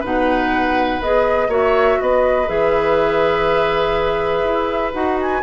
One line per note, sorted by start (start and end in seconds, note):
0.00 1.00 B2
0.00 1.01 D#4
0.00 1.48 B4
0.00 1.02 F#5
1.00 1.48 B3
1.00 1.50 G#4
1.00 1.51 D#5
1.48 1.97 A#3
1.48 2.47 F#4
1.48 1.99 C#5
1.48 2.01 E5
2.01 2.49 B3
2.01 5.43 B4
2.01 2.48 D#5
2.47 4.44 E3
2.47 4.93 G#4
2.47 4.94 E5
4.44 4.93 E4
4.93 5.43 D#4
4.93 5.42 F#4
4.93 5.18 F#5
5.21 5.43 G#5